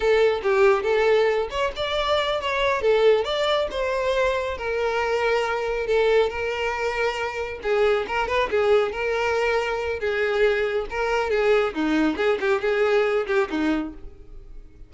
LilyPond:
\new Staff \with { instrumentName = "violin" } { \time 4/4 \tempo 4 = 138 a'4 g'4 a'4. cis''8 | d''4. cis''4 a'4 d''8~ | d''8 c''2 ais'4.~ | ais'4. a'4 ais'4.~ |
ais'4. gis'4 ais'8 b'8 gis'8~ | gis'8 ais'2~ ais'8 gis'4~ | gis'4 ais'4 gis'4 dis'4 | gis'8 g'8 gis'4. g'8 dis'4 | }